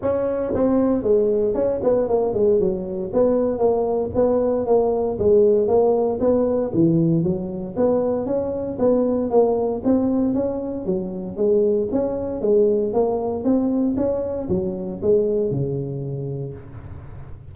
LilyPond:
\new Staff \with { instrumentName = "tuba" } { \time 4/4 \tempo 4 = 116 cis'4 c'4 gis4 cis'8 b8 | ais8 gis8 fis4 b4 ais4 | b4 ais4 gis4 ais4 | b4 e4 fis4 b4 |
cis'4 b4 ais4 c'4 | cis'4 fis4 gis4 cis'4 | gis4 ais4 c'4 cis'4 | fis4 gis4 cis2 | }